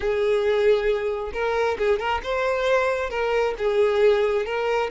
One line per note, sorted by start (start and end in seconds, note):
0.00 1.32 G#4
1.33 1.77 A#4
1.78 1.99 G#4
1.99 2.21 A#4
2.23 3.10 C5
3.10 3.54 A#4
3.58 4.45 G#4
4.45 4.90 A#4